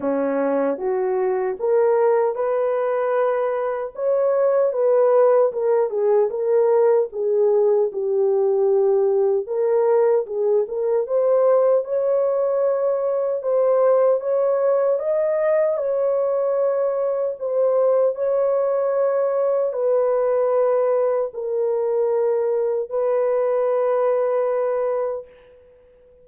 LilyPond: \new Staff \with { instrumentName = "horn" } { \time 4/4 \tempo 4 = 76 cis'4 fis'4 ais'4 b'4~ | b'4 cis''4 b'4 ais'8 gis'8 | ais'4 gis'4 g'2 | ais'4 gis'8 ais'8 c''4 cis''4~ |
cis''4 c''4 cis''4 dis''4 | cis''2 c''4 cis''4~ | cis''4 b'2 ais'4~ | ais'4 b'2. | }